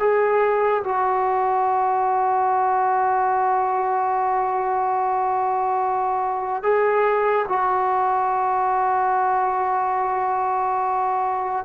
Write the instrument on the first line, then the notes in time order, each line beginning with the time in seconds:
trombone
0.00 G#4
0.84 F#4
6.63 G#4
7.49 F#4